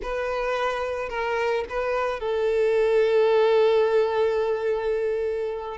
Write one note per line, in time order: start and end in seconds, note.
0.02 1.09 B4
1.09 1.64 A#4
1.69 2.19 B4
2.19 5.77 A4